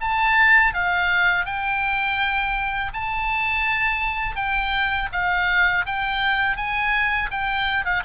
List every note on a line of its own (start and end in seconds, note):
0.00 0.73 A5
0.73 1.45 F5
1.45 2.91 G5
2.93 4.36 A5
4.36 5.09 G5
5.12 5.85 F5
5.85 6.56 G5
6.56 7.29 G#5
7.30 7.85 G5
7.85 8.03 F5